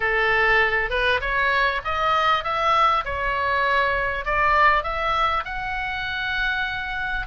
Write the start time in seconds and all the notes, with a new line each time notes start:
0.00 A4
0.90 B4
1.20 C#5
1.84 D#5
2.44 E5
3.04 C#5
4.25 D5
4.83 E5
5.45 F#5